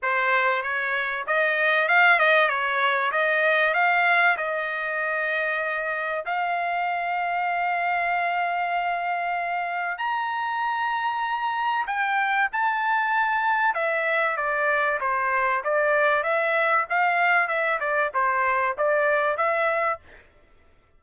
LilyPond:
\new Staff \with { instrumentName = "trumpet" } { \time 4/4 \tempo 4 = 96 c''4 cis''4 dis''4 f''8 dis''8 | cis''4 dis''4 f''4 dis''4~ | dis''2 f''2~ | f''1 |
ais''2. g''4 | a''2 e''4 d''4 | c''4 d''4 e''4 f''4 | e''8 d''8 c''4 d''4 e''4 | }